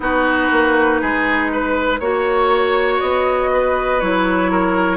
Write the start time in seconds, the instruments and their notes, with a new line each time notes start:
0.00 bassoon B3, clarinet D#4, oboe F#4, flute B4
0.51 bassoon A#3
1.01 bassoon G#3, oboe G#4
1.52 oboe B4
2.00 bassoon A#3, clarinet F#4, flute C#5, oboe C#5
3.00 bassoon B3, flute D#5
3.52 oboe B4
4.00 bassoon F#3, clarinet E4, flute C#5
4.51 oboe A#4